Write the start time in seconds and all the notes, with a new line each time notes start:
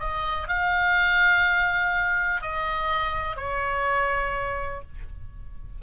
0.00 D#5
0.49 F5
2.42 D#5
3.37 C#5